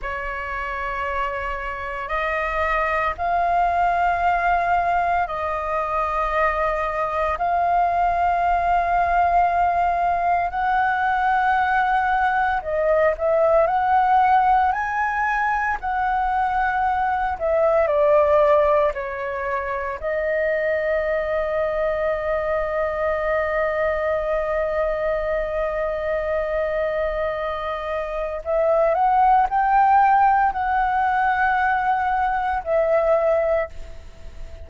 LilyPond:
\new Staff \with { instrumentName = "flute" } { \time 4/4 \tempo 4 = 57 cis''2 dis''4 f''4~ | f''4 dis''2 f''4~ | f''2 fis''2 | dis''8 e''8 fis''4 gis''4 fis''4~ |
fis''8 e''8 d''4 cis''4 dis''4~ | dis''1~ | dis''2. e''8 fis''8 | g''4 fis''2 e''4 | }